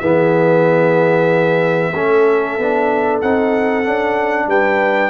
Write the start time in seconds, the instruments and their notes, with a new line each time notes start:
0.00 tuba E3, trombone B3, horn G#4, trumpet E5
1.94 tuba A3, trombone C#4, horn A4
2.58 tuba B3, trombone D4
3.22 tuba C4, trombone D#4, trumpet F#5
3.85 tuba C#4, trombone D4
4.47 tuba G3, horn B4, trumpet G5